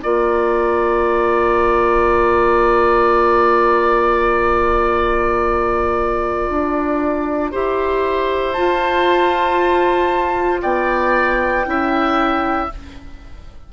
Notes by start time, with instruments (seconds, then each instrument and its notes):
0.00 bassoon A#3, clarinet F4, oboe D5, flute A#5
6.49 bassoon D4
7.51 bassoon E4, clarinet G4, oboe C5
8.52 clarinet F4, bassoon F4, flute A5
10.61 bassoon B3, oboe D5, flute G5
11.65 bassoon C#4, clarinet E4, oboe E5